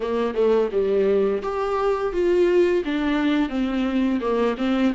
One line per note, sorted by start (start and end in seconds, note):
0.00 0.34 A#3
0.34 0.69 A3
0.71 1.42 G3
1.42 2.12 G4
2.12 2.83 F4
2.84 3.49 D4
3.49 4.20 C4
4.20 4.56 A#3
4.57 4.93 C4